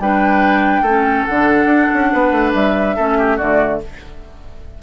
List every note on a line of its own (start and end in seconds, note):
0.00 0.82 G3
0.00 0.87 D4
0.00 0.82 B4
0.00 1.26 G5
0.82 1.24 A3
0.82 1.30 C#4
0.82 2.09 A4
1.26 1.66 D3
1.26 2.98 D4
1.26 2.53 F#5
1.66 1.87 D4
1.94 2.13 C#4
2.13 2.32 B3
2.13 2.96 B4
2.32 2.53 A3
2.54 2.97 G3
2.54 3.38 E5
2.96 3.40 A3
2.96 3.40 C#4
2.96 3.18 A4
3.19 3.37 G4
3.37 3.83 D3
3.37 3.82 A3
3.37 3.79 F#4
3.37 3.81 D5